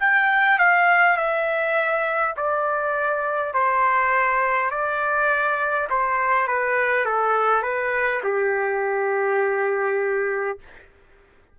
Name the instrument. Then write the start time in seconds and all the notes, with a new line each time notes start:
trumpet
0.00 G5
0.59 F5
1.17 E5
2.37 D5
3.54 C5
4.71 D5
5.90 C5
6.48 B4
7.05 A4
7.63 B4
8.24 G4